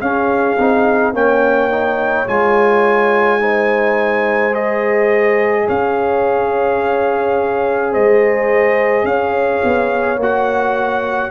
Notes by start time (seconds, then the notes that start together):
0.00 C#4 G#4 F5
0.58 C4 D#4
1.13 A#3 C#4 C#5 G5
1.70 D#4
2.27 G#3 F4 G#5
3.39 D#4 C5
4.52 G#4 D#5
5.66 C#4 C#5 F5
7.92 G#3 C5 D#5
9.03 C#4 C#5 F5
9.63 B3
10.16 A#3 F#4
10.23 F#5